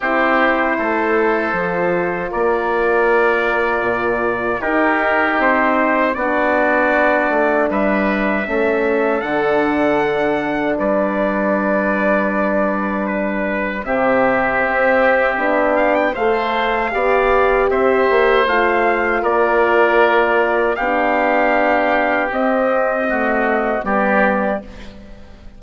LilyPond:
<<
  \new Staff \with { instrumentName = "trumpet" } { \time 4/4 \tempo 4 = 78 c''2. d''4~ | d''2 ais'4 c''4 | d''2 e''2 | fis''2 d''2~ |
d''4 b'4 e''2~ | e''8 f''16 g''16 f''2 e''4 | f''4 d''2 f''4~ | f''4 dis''2 d''4 | }
  \new Staff \with { instrumentName = "oboe" } { \time 4/4 g'4 a'2 ais'4~ | ais'2 g'2 | fis'2 b'4 a'4~ | a'2 b'2~ |
b'2 g'2~ | g'4 c''4 d''4 c''4~ | c''4 ais'2 g'4~ | g'2 fis'4 g'4 | }
  \new Staff \with { instrumentName = "horn" } { \time 4/4 e'2 f'2~ | f'2 dis'2 | d'2. cis'4 | d'1~ |
d'2 c'2 | d'4 a'4 g'2 | f'2. d'4~ | d'4 c'4 a4 b4 | }
  \new Staff \with { instrumentName = "bassoon" } { \time 4/4 c'4 a4 f4 ais4~ | ais4 ais,4 dis'4 c'4 | b4. a8 g4 a4 | d2 g2~ |
g2 c4 c'4 | b4 a4 b4 c'8 ais8 | a4 ais2 b4~ | b4 c'2 g4 | }
>>